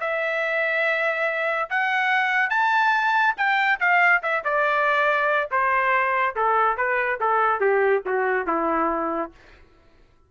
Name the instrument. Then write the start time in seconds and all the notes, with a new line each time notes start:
trumpet
0.00 E5
1.70 F#5
2.50 A5
3.37 G5
3.80 F5
4.22 E5
4.44 D5
5.51 C5
6.35 A4
6.77 B4
7.20 A4
7.60 G4
8.06 F#4
8.46 E4